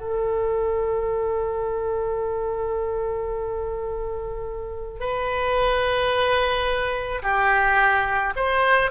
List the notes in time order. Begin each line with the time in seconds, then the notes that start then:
0.00 A4
5.00 B4
7.22 G4
8.36 C5